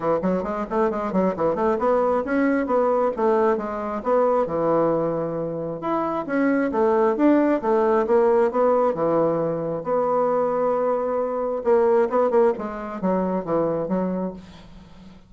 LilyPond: \new Staff \with { instrumentName = "bassoon" } { \time 4/4 \tempo 4 = 134 e8 fis8 gis8 a8 gis8 fis8 e8 a8 | b4 cis'4 b4 a4 | gis4 b4 e2~ | e4 e'4 cis'4 a4 |
d'4 a4 ais4 b4 | e2 b2~ | b2 ais4 b8 ais8 | gis4 fis4 e4 fis4 | }